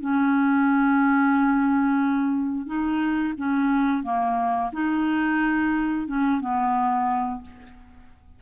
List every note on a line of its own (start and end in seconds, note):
0.00 2.66 C#4
2.66 3.34 D#4
3.37 4.03 C#4
4.03 4.71 A#3
4.72 6.07 D#4
6.07 6.40 C#4
6.40 7.42 B3